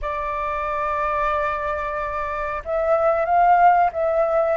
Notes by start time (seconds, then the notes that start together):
0.01 D5
2.64 E5
3.25 F5
3.92 E5